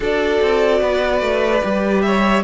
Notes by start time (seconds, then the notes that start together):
0.00 D4 F#4 A4 D5
0.41 C4
0.81 B3 B4
1.20 A3
1.62 G3 G4
2.01 C#5 E5